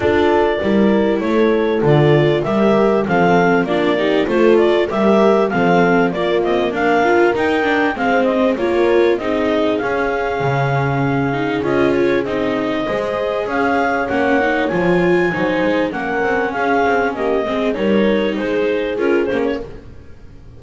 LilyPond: <<
  \new Staff \with { instrumentName = "clarinet" } { \time 4/4 \tempo 4 = 98 d''2 cis''4 d''4 | e''4 f''4 d''4 c''8 d''8 | e''4 f''4 d''8 dis''8 f''4 | g''4 f''8 dis''8 cis''4 dis''4 |
f''2. dis''8 cis''8 | dis''2 f''4 fis''4 | gis''2 fis''4 f''4 | dis''4 cis''4 c''4 ais'8 c''16 cis''16 | }
  \new Staff \with { instrumentName = "horn" } { \time 4/4 a'4 ais'4 a'2 | ais'4 a'4 f'8 g'8 a'4 | ais'4 a'4 f'4 ais'4~ | ais'4 c''4 ais'4 gis'4~ |
gis'1~ | gis'4 c''4 cis''2~ | cis''4 c''4 ais'4 gis'4 | g'8 gis'8 ais'4 gis'2 | }
  \new Staff \with { instrumentName = "viola" } { \time 4/4 f'4 e'2 f'4 | g'4 c'4 d'8 dis'8 f'4 | g'4 c'4 ais4. f'8 | dis'8 d'8 c'4 f'4 dis'4 |
cis'2~ cis'8 dis'8 f'4 | dis'4 gis'2 cis'8 dis'8 | f'4 dis'4 cis'2~ | cis'8 c'8 dis'2 f'8 cis'8 | }
  \new Staff \with { instrumentName = "double bass" } { \time 4/4 d'4 g4 a4 d4 | g4 f4 ais4 a4 | g4 f4 ais8 c'8 d'4 | dis'4 gis4 ais4 c'4 |
cis'4 cis2 cis'4 | c'4 gis4 cis'4 ais4 | f4 fis8 gis8 ais8 c'8 cis'8 c'8 | ais8 gis8 g4 gis4 cis'8 ais8 | }
>>